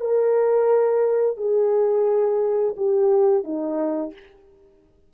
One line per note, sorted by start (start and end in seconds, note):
0.00 1.37 A#4
1.37 2.75 G#4
2.76 3.44 G4
3.44 4.13 D#4